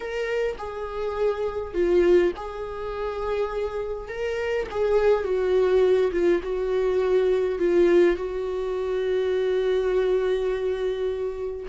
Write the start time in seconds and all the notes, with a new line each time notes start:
0.00 A#4
0.57 G#4
1.73 F4
2.36 G#4
4.08 A#4
4.71 G#4
5.23 F#4
6.12 F4
6.43 F#4
7.58 F4
8.16 F#4